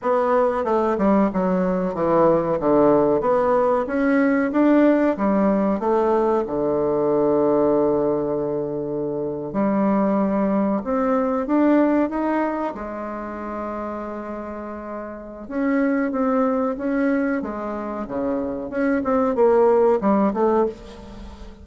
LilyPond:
\new Staff \with { instrumentName = "bassoon" } { \time 4/4 \tempo 4 = 93 b4 a8 g8 fis4 e4 | d4 b4 cis'4 d'4 | g4 a4 d2~ | d2~ d8. g4~ g16~ |
g8. c'4 d'4 dis'4 gis16~ | gis1 | cis'4 c'4 cis'4 gis4 | cis4 cis'8 c'8 ais4 g8 a8 | }